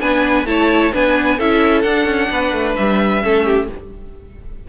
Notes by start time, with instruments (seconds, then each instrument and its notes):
0.00 cello B3, viola D4, violin B4 G#5
0.45 cello A3, viola E4, violin C#5 A5
0.92 cello B3, viola D4, violin B4 G#5
1.37 cello C#4, viola E4, violin A4 E5
1.81 cello D4, viola D4, violin F#5
2.06 cello C#4
2.30 cello B3, violin B4
2.53 cello A3
2.76 cello G3, violin E5
3.22 cello A3, viola C#4, violin A4
3.45 violin G4